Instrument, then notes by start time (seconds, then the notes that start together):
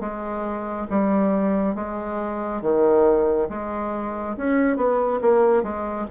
bassoon
0.00 G#3
0.90 G3
1.75 G#3
2.62 D#3
3.49 G#3
4.37 C#4
4.76 B3
5.21 A#3
5.63 G#3